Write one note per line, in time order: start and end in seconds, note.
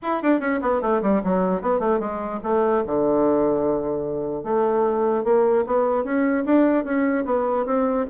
0.02 0.22 E4
0.22 0.40 D4
0.40 0.60 C#4
0.61 0.81 B3
0.81 1.01 A3
1.02 1.22 G3
1.23 1.61 F#3
1.61 1.79 B3
1.79 1.99 A3
1.99 2.40 G#3
2.43 2.83 A3
2.86 4.43 D3
4.43 5.23 A3
5.23 5.64 A#3
5.66 6.04 B3
6.04 6.44 C#4
6.45 6.84 D4
6.84 7.24 C#4
7.25 7.65 B3
7.65 8.05 C4